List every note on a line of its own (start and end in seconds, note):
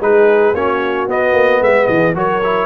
0.00 0.54 G#3
0.00 0.54 D#4
0.00 0.54 G#4
0.00 0.54 B4
0.54 1.07 A#3
0.54 1.08 C#4
0.54 1.61 F#4
0.54 1.08 C#5
1.07 1.33 B3
1.07 2.15 B3
1.07 1.63 D#5
1.33 1.60 A#3
1.60 1.87 G#3
1.60 1.87 B4
1.60 1.86 E5
1.86 2.15 E3
1.86 2.14 G#4
1.86 2.13 D#5
2.15 2.66 F#3
2.15 2.41 F#4
2.15 2.66 A#4
2.15 2.66 C#5
2.44 2.66 E4